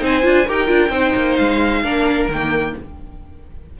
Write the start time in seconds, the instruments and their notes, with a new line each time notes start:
0.00 cello C4, viola D#4, violin C5 G#5
0.23 cello D4, viola F4
0.47 cello D#4, viola G4, violin A#4 G5
0.66 cello D4, viola F4
0.89 cello C4, viola D#4, violin C5
1.15 cello A#3
1.36 cello G#3, violin F5
1.83 cello A#3, viola D4, violin A#4
2.28 cello D#3, viola A#3, violin G5